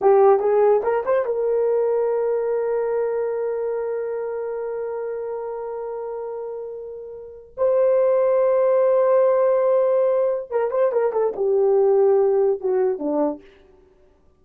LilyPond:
\new Staff \with { instrumentName = "horn" } { \time 4/4 \tempo 4 = 143 g'4 gis'4 ais'8 c''8 ais'4~ | ais'1~ | ais'1~ | ais'1~ |
ais'2 c''2~ | c''1~ | c''4 ais'8 c''8 ais'8 a'8 g'4~ | g'2 fis'4 d'4 | }